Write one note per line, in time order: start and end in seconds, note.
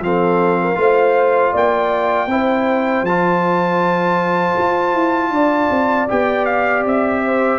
0.00 0.76 F3
0.00 0.75 C4
0.00 0.61 A4
0.00 1.56 F5
0.61 0.78 A#4
0.75 1.53 A3
0.75 2.27 F4
0.75 1.53 C5
1.53 2.27 A#3
1.53 2.29 D5
1.53 3.05 G5
2.27 3.03 C4
2.27 3.06 E4
2.27 5.33 C5
3.03 4.54 F3
3.03 6.09 A5
3.09 6.09 F4
4.58 4.94 F4
4.94 5.31 E4
5.31 5.69 D4
5.31 7.22 D5
5.70 6.08 C4
6.09 6.85 B3
6.09 7.59 G4
6.09 6.45 G5
6.45 6.83 F5
6.85 7.59 C4
6.85 7.59 E5
7.26 7.59 C5